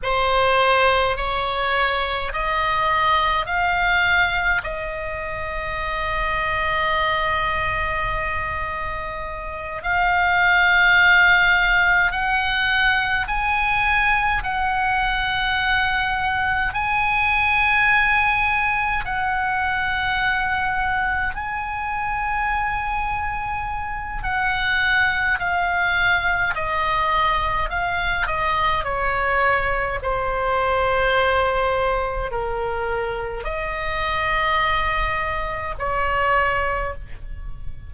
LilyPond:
\new Staff \with { instrumentName = "oboe" } { \time 4/4 \tempo 4 = 52 c''4 cis''4 dis''4 f''4 | dis''1~ | dis''8 f''2 fis''4 gis''8~ | gis''8 fis''2 gis''4.~ |
gis''8 fis''2 gis''4.~ | gis''4 fis''4 f''4 dis''4 | f''8 dis''8 cis''4 c''2 | ais'4 dis''2 cis''4 | }